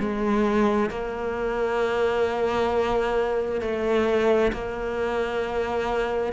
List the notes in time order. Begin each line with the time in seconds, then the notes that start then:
0.00 G#3
0.90 A#3
3.61 A3
4.53 A#3